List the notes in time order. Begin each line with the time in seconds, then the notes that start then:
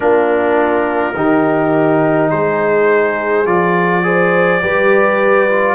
0.00 A#3 D4 F4 A#4
1.15 D#3 D#4 G4
2.30 G#3 G#4 C5
3.45 F3 F4 D5
4.03 G#4 C5
4.62 G3 G4 B4
5.49 F4